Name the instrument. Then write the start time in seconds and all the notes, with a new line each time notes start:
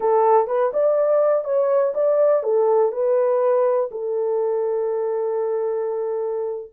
horn
0.00 A4
0.47 B4
0.73 D5
1.44 C#5
1.94 D5
2.43 A4
2.92 B4
3.91 A4